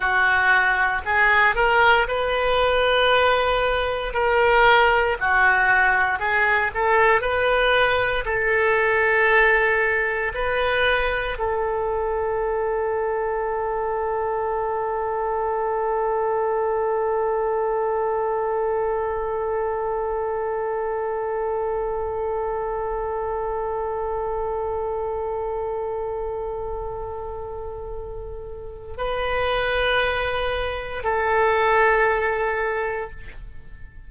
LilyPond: \new Staff \with { instrumentName = "oboe" } { \time 4/4 \tempo 4 = 58 fis'4 gis'8 ais'8 b'2 | ais'4 fis'4 gis'8 a'8 b'4 | a'2 b'4 a'4~ | a'1~ |
a'1~ | a'1~ | a'1 | b'2 a'2 | }